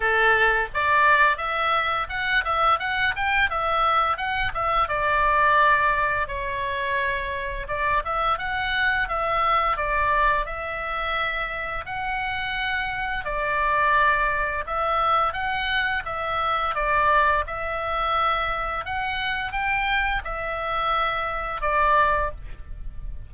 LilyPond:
\new Staff \with { instrumentName = "oboe" } { \time 4/4 \tempo 4 = 86 a'4 d''4 e''4 fis''8 e''8 | fis''8 g''8 e''4 fis''8 e''8 d''4~ | d''4 cis''2 d''8 e''8 | fis''4 e''4 d''4 e''4~ |
e''4 fis''2 d''4~ | d''4 e''4 fis''4 e''4 | d''4 e''2 fis''4 | g''4 e''2 d''4 | }